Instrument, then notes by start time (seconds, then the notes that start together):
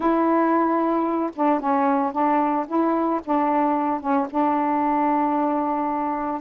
saxophone
0.00 E4
1.35 D4
1.60 C#4
2.12 D4
2.67 E4
3.24 D4
4.00 C#4
4.30 D4